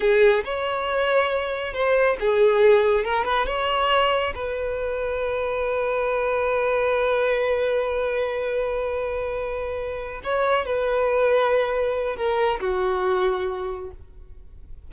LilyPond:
\new Staff \with { instrumentName = "violin" } { \time 4/4 \tempo 4 = 138 gis'4 cis''2. | c''4 gis'2 ais'8 b'8 | cis''2 b'2~ | b'1~ |
b'1~ | b'2.~ b'8 cis''8~ | cis''8 b'2.~ b'8 | ais'4 fis'2. | }